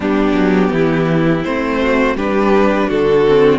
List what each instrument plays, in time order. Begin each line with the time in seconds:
0.00 cello G3, viola B3, violin D4 G4
0.32 cello F#3
0.71 cello E3, violin E4
1.44 cello A3, viola C4, violin C5
1.81 violin F#4
2.15 cello G3, viola D4, violin G4 B4
2.87 cello D3, violin F#4 A4
3.27 viola C4